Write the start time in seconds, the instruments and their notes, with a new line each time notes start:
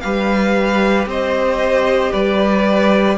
0.00 cello G3, viola G4, violin B4 F5
1.06 cello C4, violin C5 D#5
2.12 cello G3, violin B4 D5